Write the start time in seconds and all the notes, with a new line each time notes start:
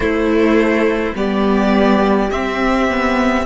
0.00 A3 E4 C5
1.14 G3 B3 G4 D5
2.30 C4 E5
2.89 B3